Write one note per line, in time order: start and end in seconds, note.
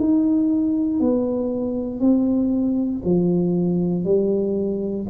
0.00 1.00 D#4
1.00 2.01 B3
2.01 3.02 C4
3.05 4.05 F3
4.05 5.07 G3